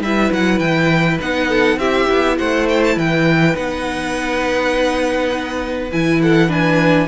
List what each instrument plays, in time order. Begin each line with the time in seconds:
0.00 cello G3, viola E4, violin B4 E5
0.31 cello F#3, violin F#5
0.58 cello E3, violin G5
1.20 cello B3, viola D#4, violin F#5
1.48 violin A4
1.76 cello C4, viola E4, violin G4 E5
2.09 cello B3
2.38 cello A3, violin C5 F#5
2.69 violin G5
2.83 violin A5
2.95 cello E3, violin B4 G5
3.53 cello B3, viola D#4, violin F#5
5.92 cello E3, viola E4, violin G#5
6.21 violin A4 F#5
6.48 viola D4, violin B4 G#5